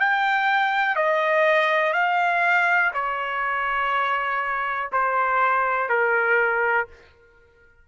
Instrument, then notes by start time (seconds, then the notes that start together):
trumpet
0.00 G5
0.96 D#5
1.93 F5
2.94 C#5
4.93 C5
5.89 A#4